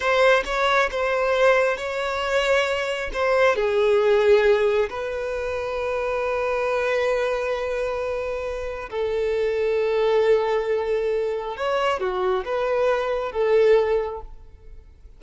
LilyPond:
\new Staff \with { instrumentName = "violin" } { \time 4/4 \tempo 4 = 135 c''4 cis''4 c''2 | cis''2. c''4 | gis'2. b'4~ | b'1~ |
b'1 | a'1~ | a'2 cis''4 fis'4 | b'2 a'2 | }